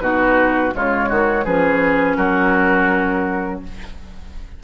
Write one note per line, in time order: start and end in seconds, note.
0.00 0.73 B2
0.00 0.72 D#4
0.00 0.75 F#4
0.00 0.72 B4
0.72 1.11 C#3
0.72 1.44 G#3
0.72 1.10 F4
0.72 1.45 C#5
1.10 1.46 D#3
1.10 1.45 F#4
1.45 2.18 F3
1.45 3.64 C#4
1.45 2.17 G#4
1.45 2.16 B4
2.16 3.62 F#3
2.16 3.62 F#4
2.16 3.61 A#4